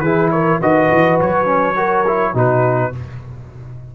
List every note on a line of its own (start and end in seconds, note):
0.00 0.58 E3
0.00 0.62 E4
0.00 0.32 G#4
0.00 0.29 B4
0.30 0.60 A#4
0.30 0.60 C#5
0.60 0.90 D#3
0.60 1.45 F#4
0.60 1.77 B4
0.60 1.20 D#5
0.90 1.20 E3
1.20 2.34 F#3
1.20 2.37 C#5
1.45 1.74 C#4
1.76 2.05 F#4
1.76 2.33 A#4
2.06 2.34 E4
2.33 2.92 B2
2.33 2.92 D#4
2.33 2.91 F#4
2.33 2.95 B4